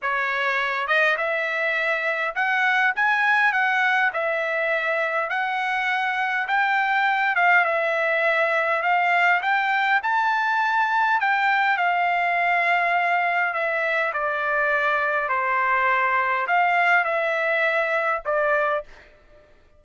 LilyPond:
\new Staff \with { instrumentName = "trumpet" } { \time 4/4 \tempo 4 = 102 cis''4. dis''8 e''2 | fis''4 gis''4 fis''4 e''4~ | e''4 fis''2 g''4~ | g''8 f''8 e''2 f''4 |
g''4 a''2 g''4 | f''2. e''4 | d''2 c''2 | f''4 e''2 d''4 | }